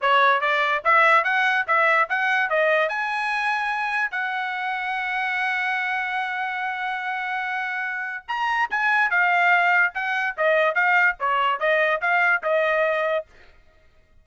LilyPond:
\new Staff \with { instrumentName = "trumpet" } { \time 4/4 \tempo 4 = 145 cis''4 d''4 e''4 fis''4 | e''4 fis''4 dis''4 gis''4~ | gis''2 fis''2~ | fis''1~ |
fis''1 | ais''4 gis''4 f''2 | fis''4 dis''4 f''4 cis''4 | dis''4 f''4 dis''2 | }